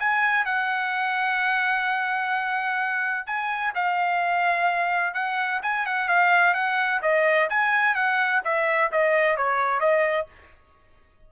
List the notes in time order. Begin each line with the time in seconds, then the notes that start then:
0.00 G#5
0.45 F#5
3.27 G#5
3.75 F5
5.14 F#5
5.63 G#5
5.87 F#5
6.09 F5
6.54 F#5
7.02 D#5
7.50 G#5
7.95 F#5
8.45 E5
8.92 D#5
9.37 C#5
9.81 D#5